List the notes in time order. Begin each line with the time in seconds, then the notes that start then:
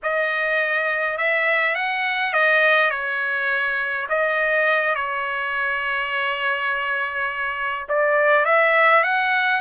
0.02 D#5
1.17 E5
1.75 F#5
2.33 D#5
2.90 C#5
4.09 D#5
4.95 C#5
7.88 D5
8.45 E5
9.03 F#5